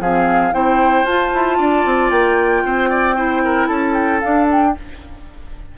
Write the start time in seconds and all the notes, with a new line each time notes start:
0.00 F3 C4 G#4 F5
0.53 C4 E4 C5 G5
1.04 F4 A5
1.34 E4
1.58 D4 D5
1.85 C4
2.11 A#3 G5
2.65 C4 C5
2.90 D5
3.16 E4 C5
3.45 A#4
3.67 C#4 A4 A5
3.94 G5
4.20 D4 F5
4.51 G5